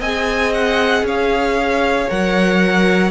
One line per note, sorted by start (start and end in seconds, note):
0.00 1.03 C4
0.00 2.09 G#4
0.00 1.04 D#5
0.00 0.54 G#5
0.54 1.06 F#5
1.03 2.07 C#4
1.03 3.12 C#5
1.03 2.11 F5
2.09 3.12 F#3
2.09 3.12 A#4
2.09 3.12 F#5